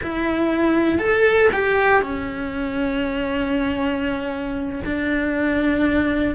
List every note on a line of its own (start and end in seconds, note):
0.02 0.98 E4
0.98 1.49 A4
1.52 2.02 G4
2.02 4.81 C#4
4.85 6.35 D4